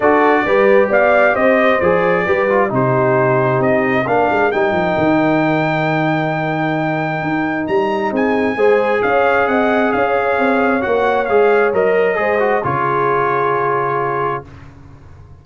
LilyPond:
<<
  \new Staff \with { instrumentName = "trumpet" } { \time 4/4 \tempo 4 = 133 d''2 f''4 dis''4 | d''2 c''2 | dis''4 f''4 g''2~ | g''1~ |
g''4 ais''4 gis''2 | f''4 fis''4 f''2 | fis''4 f''4 dis''2 | cis''1 | }
  \new Staff \with { instrumentName = "horn" } { \time 4/4 a'4 b'4 d''4 c''4~ | c''4 b'4 g'2~ | g'4 ais'2.~ | ais'1~ |
ais'2 gis'4 c''4 | cis''4 dis''4 cis''2~ | cis''2. c''4 | gis'1 | }
  \new Staff \with { instrumentName = "trombone" } { \time 4/4 fis'4 g'2. | gis'4 g'8 f'8 dis'2~ | dis'4 d'4 dis'2~ | dis'1~ |
dis'2. gis'4~ | gis'1 | fis'4 gis'4 ais'4 gis'8 fis'8 | f'1 | }
  \new Staff \with { instrumentName = "tuba" } { \time 4/4 d'4 g4 b4 c'4 | f4 g4 c2 | c'4 ais8 gis8 g8 f8 dis4~ | dis1 |
dis'4 g4 c'4 gis4 | cis'4 c'4 cis'4 c'4 | ais4 gis4 fis4 gis4 | cis1 | }
>>